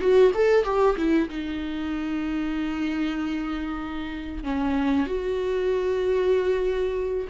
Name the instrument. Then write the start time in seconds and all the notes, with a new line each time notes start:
viola
0.00 F#4
0.34 A4
0.64 G4
0.97 E4
1.29 D#4
4.43 C#4
5.06 F#4